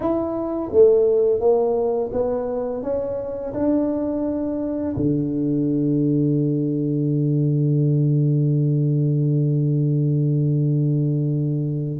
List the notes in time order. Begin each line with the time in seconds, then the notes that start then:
0.00 E4
0.72 A3
1.39 A#3
2.12 B3
2.82 C#4
3.53 D4
4.96 D3